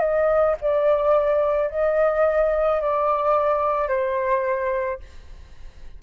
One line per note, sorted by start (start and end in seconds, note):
0.00 0.56 D#5
0.61 1.70 D5
1.70 2.81 D#5
2.81 3.88 D5
3.88 4.99 C5